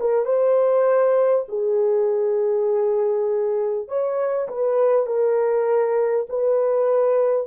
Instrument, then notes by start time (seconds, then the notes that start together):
horn
0.00 A#4
0.25 C5
1.48 G#4
3.88 C#5
4.48 B4
5.06 A#4
6.29 B4